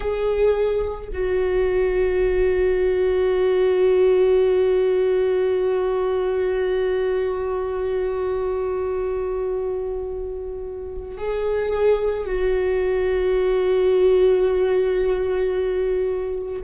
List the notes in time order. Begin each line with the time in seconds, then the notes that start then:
0.00 G#4
1.12 F#4
11.17 G#4
12.25 F#4